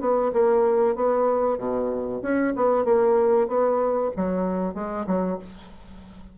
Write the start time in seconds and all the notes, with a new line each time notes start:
0.00 B3
0.33 A#3
0.95 B3
1.58 B2
2.22 C#4
2.56 B3
2.84 A#3
3.47 B3
4.16 F#3
4.74 G#3
5.06 F#3